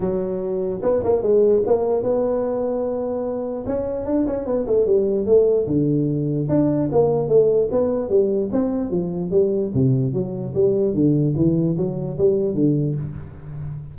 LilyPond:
\new Staff \with { instrumentName = "tuba" } { \time 4/4 \tempo 4 = 148 fis2 b8 ais8 gis4 | ais4 b2.~ | b4 cis'4 d'8 cis'8 b8 a8 | g4 a4 d2 |
d'4 ais4 a4 b4 | g4 c'4 f4 g4 | c4 fis4 g4 d4 | e4 fis4 g4 d4 | }